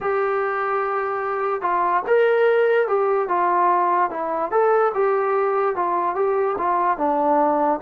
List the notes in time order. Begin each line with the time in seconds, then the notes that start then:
0.00 G4
1.61 F4
2.07 A#4
2.87 G4
3.28 F4
4.10 E4
4.51 A4
4.94 G4
5.75 F4
6.15 G4
6.58 F4
6.97 D4